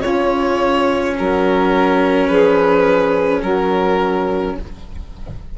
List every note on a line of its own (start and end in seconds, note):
0.00 1.13 C#3
0.00 4.58 C#4
0.00 1.15 F4
0.00 1.14 C#5
1.17 2.29 F#3
1.17 2.29 F#4
1.17 2.27 A#4
2.27 3.42 F3
2.27 3.42 G#4
2.27 3.40 B4
3.42 4.55 F#3
3.42 4.55 F#4
3.42 4.55 A#4